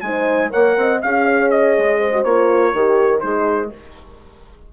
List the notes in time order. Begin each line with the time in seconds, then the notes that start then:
0.00 G#3 D#4 C5 G#5
0.50 A#3 A#4 C#5 F#5
0.76 C4 D#5
1.01 C#4 G#4 F5
1.25 C#5
1.50 D#5
1.77 G#3
1.98 C5
2.12 F#4
2.23 A#3 F4 C#5
2.73 D#3 G4 A#4
3.19 G#3 D#4 G#4 C5